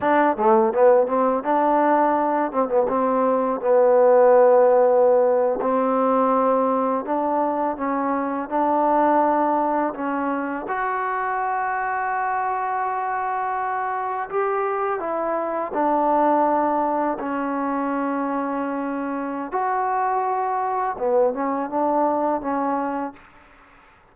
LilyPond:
\new Staff \with { instrumentName = "trombone" } { \time 4/4 \tempo 4 = 83 d'8 a8 b8 c'8 d'4. c'16 b16 | c'4 b2~ b8. c'16~ | c'4.~ c'16 d'4 cis'4 d'16~ | d'4.~ d'16 cis'4 fis'4~ fis'16~ |
fis'2.~ fis'8. g'16~ | g'8. e'4 d'2 cis'16~ | cis'2. fis'4~ | fis'4 b8 cis'8 d'4 cis'4 | }